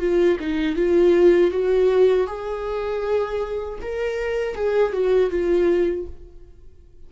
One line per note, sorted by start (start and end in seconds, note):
0.00 0.38 F4
0.40 0.77 D#4
0.77 1.52 F4
1.52 2.28 F#4
2.28 3.79 G#4
3.83 4.56 A#4
4.56 4.93 G#4
4.93 5.31 F#4
5.31 6.07 F4